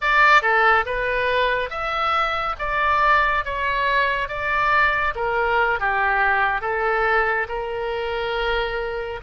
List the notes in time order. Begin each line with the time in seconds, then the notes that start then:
0.01 D5
0.41 A4
0.85 B4
1.69 E5
2.59 D5
3.44 C#5
4.28 D5
5.15 A#4
5.79 G4
6.61 A4
7.48 A#4